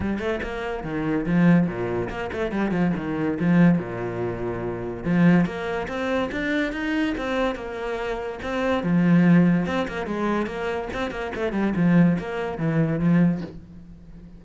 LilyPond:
\new Staff \with { instrumentName = "cello" } { \time 4/4 \tempo 4 = 143 g8 a8 ais4 dis4 f4 | ais,4 ais8 a8 g8 f8 dis4 | f4 ais,2. | f4 ais4 c'4 d'4 |
dis'4 c'4 ais2 | c'4 f2 c'8 ais8 | gis4 ais4 c'8 ais8 a8 g8 | f4 ais4 e4 f4 | }